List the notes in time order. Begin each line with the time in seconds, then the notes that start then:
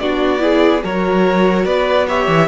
0.00 B3 D4 F#4 D5
0.39 E4 G#4
0.84 F#3 F#4 A#4 C#5
1.65 B3 B4 D5
2.09 G4 C#5 E5
2.28 E3